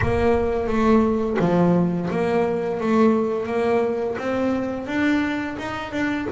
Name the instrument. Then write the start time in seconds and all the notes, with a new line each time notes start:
double bass
0.01 A#3
0.67 A3
1.39 F3
2.10 A#3
2.80 A3
3.46 A#3
4.18 C4
4.86 D4
5.58 D#4
5.92 D4